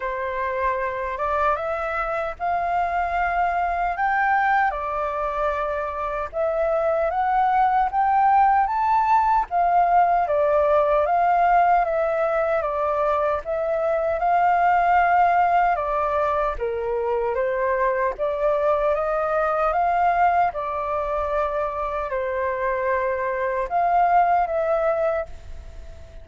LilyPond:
\new Staff \with { instrumentName = "flute" } { \time 4/4 \tempo 4 = 76 c''4. d''8 e''4 f''4~ | f''4 g''4 d''2 | e''4 fis''4 g''4 a''4 | f''4 d''4 f''4 e''4 |
d''4 e''4 f''2 | d''4 ais'4 c''4 d''4 | dis''4 f''4 d''2 | c''2 f''4 e''4 | }